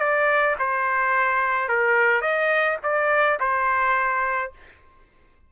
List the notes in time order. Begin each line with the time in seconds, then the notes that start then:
0.00 D5
0.59 C5
1.68 A#4
2.21 D#5
2.83 D5
3.40 C5